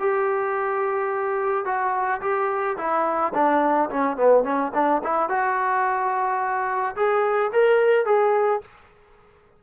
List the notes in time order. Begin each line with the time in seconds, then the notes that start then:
0.00 G4
1.65 F#4
2.21 G4
2.78 E4
3.34 D4
3.90 C#4
4.17 B3
4.44 C#4
4.74 D4
5.04 E4
5.29 F#4
6.96 G#4
7.53 A#4
8.06 G#4